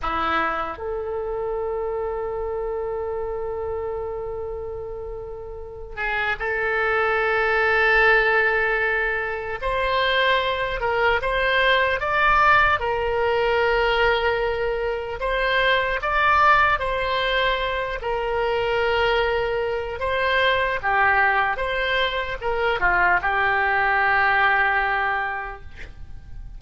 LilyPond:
\new Staff \with { instrumentName = "oboe" } { \time 4/4 \tempo 4 = 75 e'4 a'2.~ | a'2.~ a'8 gis'8 | a'1 | c''4. ais'8 c''4 d''4 |
ais'2. c''4 | d''4 c''4. ais'4.~ | ais'4 c''4 g'4 c''4 | ais'8 f'8 g'2. | }